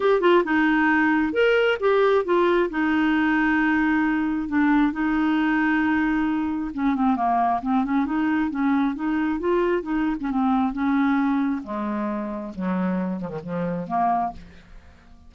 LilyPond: \new Staff \with { instrumentName = "clarinet" } { \time 4/4 \tempo 4 = 134 g'8 f'8 dis'2 ais'4 | g'4 f'4 dis'2~ | dis'2 d'4 dis'4~ | dis'2. cis'8 c'8 |
ais4 c'8 cis'8 dis'4 cis'4 | dis'4 f'4 dis'8. cis'16 c'4 | cis'2 gis2 | fis4. f16 dis16 f4 ais4 | }